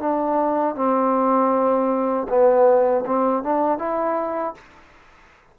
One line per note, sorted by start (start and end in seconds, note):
0.00 0.75 D4
0.75 2.27 C4
2.29 3.05 B3
3.07 3.43 C4
3.43 3.79 D4
3.79 4.55 E4